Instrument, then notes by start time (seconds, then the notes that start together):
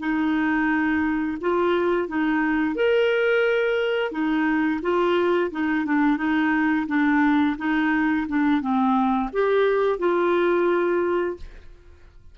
clarinet
0.00 D#4
1.41 F4
2.08 D#4
2.76 A#4
4.12 D#4
4.82 F4
5.51 D#4
5.86 D4
6.18 D#4
6.87 D4
7.58 D#4
8.28 D4
8.61 C4
9.33 G4
9.99 F4